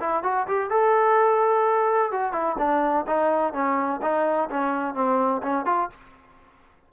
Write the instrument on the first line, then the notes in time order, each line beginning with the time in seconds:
trombone
0.00 E4
0.23 F#4
0.47 G4
0.70 A4
2.12 F#4
2.32 E4
2.58 D4
3.07 D#4
3.53 C#4
4.02 D#4
4.50 C#4
4.94 C4
5.42 C#4
5.66 F4